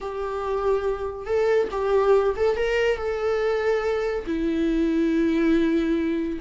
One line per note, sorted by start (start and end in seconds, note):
0.00 1.26 G4
1.26 1.68 A4
1.71 2.34 G4
2.36 2.56 A4
2.56 2.97 A#4
2.97 4.25 A4
4.26 6.39 E4